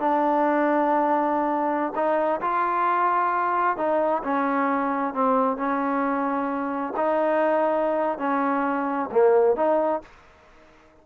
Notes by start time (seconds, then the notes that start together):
0.00 D4
1.96 D#4
2.41 F4
3.77 D#4
4.24 C#4
5.14 C4
5.57 C#4
6.97 D#4
8.19 C#4
9.12 A#3
9.57 D#4